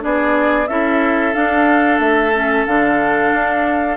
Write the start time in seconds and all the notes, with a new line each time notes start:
0.00 B3 D4 G#4 D5
0.67 C#4 E4 A4 E5
1.33 D4 F5
1.99 A3 E5
2.34 C#4
2.66 D3 D4 F5
3.33 D4